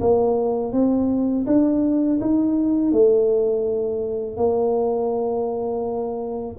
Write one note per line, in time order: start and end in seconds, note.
0.00 0.72 A#3
0.72 1.45 C4
1.46 2.19 D4
2.21 2.92 D#4
2.92 4.37 A3
4.37 6.56 A#3